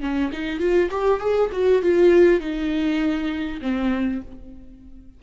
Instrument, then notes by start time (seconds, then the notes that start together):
viola
0.00 C#4
0.32 D#4
0.59 F4
0.91 G4
1.20 G#4
1.52 F#4
1.82 F4
2.40 D#4
3.61 C4